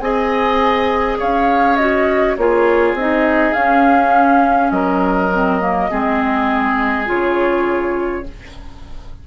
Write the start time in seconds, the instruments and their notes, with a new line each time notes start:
0.00 bassoon C4, clarinet G#4, oboe D#5, flute G#5
1.19 bassoon C#4, oboe C#5, flute F5
1.77 clarinet F#4, flute D#5
2.37 bassoon A#3, clarinet F4, oboe G#4, flute C#5
2.94 bassoon C4, clarinet D#4, flute D#5
3.53 clarinet C#4, bassoon C#4, flute F5
4.71 bassoon F#3, oboe A#4, flute D#5
5.33 clarinet C4
5.61 clarinet A#3
5.90 bassoon G#3, clarinet C4, oboe G#4
7.06 bassoon C#3, clarinet F4, flute C#5